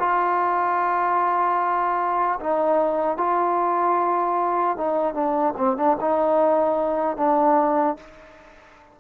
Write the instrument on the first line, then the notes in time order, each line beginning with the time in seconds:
trombone
0.00 F4
2.41 D#4
3.17 F4
4.78 D#4
5.15 D4
5.58 C4
5.77 D4
6.01 D#4
7.17 D4